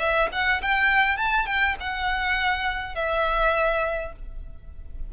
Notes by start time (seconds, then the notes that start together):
0.00 E5
0.33 F#5
0.62 G5
1.18 A5
1.47 G5
1.81 F#5
2.96 E5